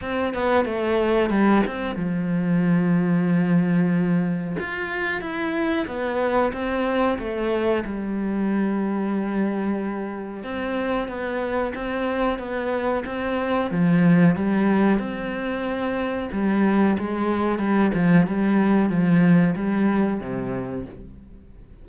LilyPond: \new Staff \with { instrumentName = "cello" } { \time 4/4 \tempo 4 = 92 c'8 b8 a4 g8 c'8 f4~ | f2. f'4 | e'4 b4 c'4 a4 | g1 |
c'4 b4 c'4 b4 | c'4 f4 g4 c'4~ | c'4 g4 gis4 g8 f8 | g4 f4 g4 c4 | }